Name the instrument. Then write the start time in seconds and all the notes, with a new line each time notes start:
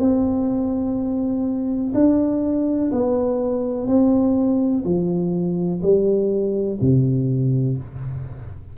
tuba
0.00 C4
1.94 D4
2.93 B3
3.88 C4
4.85 F3
5.83 G3
6.81 C3